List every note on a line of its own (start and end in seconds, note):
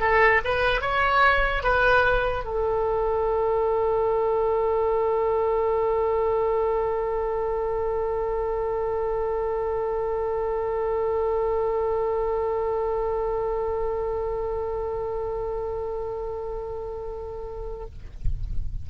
0.00 0.41 A4
0.44 0.81 B4
0.81 1.63 C#5
1.63 2.45 B4
2.45 17.86 A4